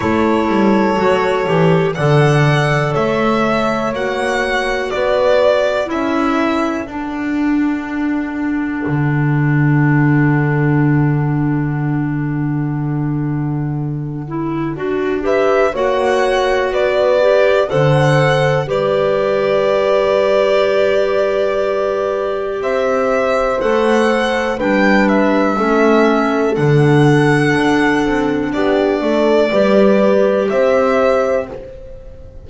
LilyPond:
<<
  \new Staff \with { instrumentName = "violin" } { \time 4/4 \tempo 4 = 61 cis''2 fis''4 e''4 | fis''4 d''4 e''4 fis''4~ | fis''1~ | fis''2.~ fis''8 e''8 |
fis''4 d''4 fis''4 d''4~ | d''2. e''4 | fis''4 g''8 e''4. fis''4~ | fis''4 d''2 e''4 | }
  \new Staff \with { instrumentName = "horn" } { \time 4/4 a'2 d''4 cis''4~ | cis''4 b'4 a'2~ | a'1~ | a'2.~ a'8 b'8 |
cis''4 b'4 c''4 b'4~ | b'2. c''4~ | c''4 b'4 a'2~ | a'4 g'8 a'8 b'4 c''4 | }
  \new Staff \with { instrumentName = "clarinet" } { \time 4/4 e'4 fis'8 g'8 a'2 | fis'2 e'4 d'4~ | d'1~ | d'2~ d'8 e'8 fis'8 g'8 |
fis'4. g'8 a'4 g'4~ | g'1 | a'4 d'4 cis'4 d'4~ | d'2 g'2 | }
  \new Staff \with { instrumentName = "double bass" } { \time 4/4 a8 g8 fis8 e8 d4 a4 | ais4 b4 cis'4 d'4~ | d'4 d2.~ | d2. d'4 |
ais4 b4 d4 g4~ | g2. c'4 | a4 g4 a4 d4 | d'8 c'8 b8 a8 g4 c'4 | }
>>